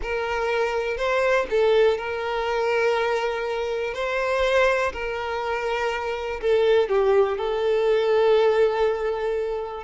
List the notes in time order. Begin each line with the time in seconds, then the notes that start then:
0.02 A#4
0.97 C5
1.50 A4
1.97 A#4
3.94 C5
4.92 A#4
6.40 A4
6.89 G4
7.37 A4